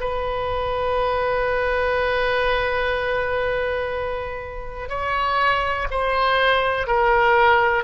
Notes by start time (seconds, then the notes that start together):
0.00 B4
4.89 C#5
5.91 C5
6.87 A#4